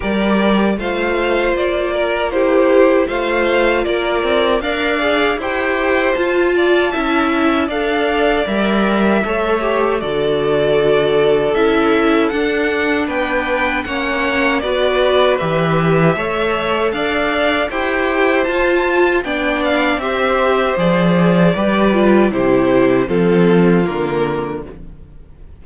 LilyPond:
<<
  \new Staff \with { instrumentName = "violin" } { \time 4/4 \tempo 4 = 78 d''4 f''4 d''4 c''4 | f''4 d''4 f''4 g''4 | a''2 f''4 e''4~ | e''4 d''2 e''4 |
fis''4 g''4 fis''4 d''4 | e''2 f''4 g''4 | a''4 g''8 f''8 e''4 d''4~ | d''4 c''4 a'4 ais'4 | }
  \new Staff \with { instrumentName = "violin" } { \time 4/4 ais'4 c''4. ais'8 g'4 | c''4 ais'4 d''4 c''4~ | c''8 d''8 e''4 d''2 | cis''4 a'2.~ |
a'4 b'4 cis''4 b'4~ | b'4 cis''4 d''4 c''4~ | c''4 d''4 c''2 | b'4 g'4 f'2 | }
  \new Staff \with { instrumentName = "viola" } { \time 4/4 g'4 f'2 e'4 | f'2 ais'8 gis'8 g'4 | f'4 e'4 a'4 ais'4 | a'8 g'8 fis'2 e'4 |
d'2 cis'4 fis'4 | g'4 a'2 g'4 | f'4 d'4 g'4 gis'4 | g'8 f'8 e'4 c'4 ais4 | }
  \new Staff \with { instrumentName = "cello" } { \time 4/4 g4 a4 ais2 | a4 ais8 c'8 d'4 e'4 | f'4 cis'4 d'4 g4 | a4 d2 cis'4 |
d'4 b4 ais4 b4 | e4 a4 d'4 e'4 | f'4 b4 c'4 f4 | g4 c4 f4 d4 | }
>>